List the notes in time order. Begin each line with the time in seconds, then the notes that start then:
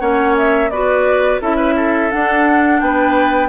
0.00 A#3 C#4 C#5 F#5
0.38 E5
0.70 B3 F#4 B4 D5
1.41 C#4 E4 A4 E5
1.56 B4
1.76 A4
2.11 D4 F#5
2.80 B3 B4 G5